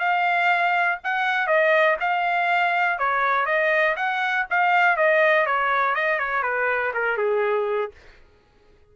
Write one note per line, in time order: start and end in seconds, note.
0.00 0.99 F5
1.04 1.47 F#5
1.47 1.97 D#5
2.01 2.99 F5
2.99 3.46 C#5
3.46 3.96 D#5
3.97 4.46 F#5
4.51 4.97 F5
4.97 5.46 D#5
5.47 5.95 C#5
5.95 6.19 D#5
6.19 6.43 C#5
6.43 6.93 B4
6.94 7.18 A#4
7.18 7.92 G#4